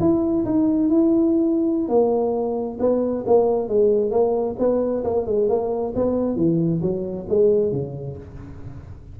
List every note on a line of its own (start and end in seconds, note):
0.00 0.45 E4
0.45 0.89 D#4
0.89 1.88 E4
1.88 2.78 A#3
2.80 3.24 B3
3.26 3.68 A#3
3.68 4.11 G#3
4.11 4.56 A#3
4.59 5.03 B3
5.04 5.26 A#3
5.27 5.49 G#3
5.49 5.93 A#3
5.95 6.36 B3
6.36 6.81 E3
6.82 7.26 F#3
7.29 7.72 G#3
7.72 8.17 C#3